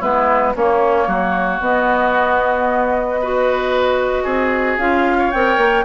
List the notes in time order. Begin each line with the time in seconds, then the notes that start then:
0.00 G#3 B3 E4 B4
0.56 A#3 C#4 C#5
1.07 F#3 F#4
1.60 B3 D#5
3.21 F#4 B4
4.24 C4 G#4
4.78 C#4 F4 F5
5.19 C#5
5.32 C4 A#4 G5
5.57 A#3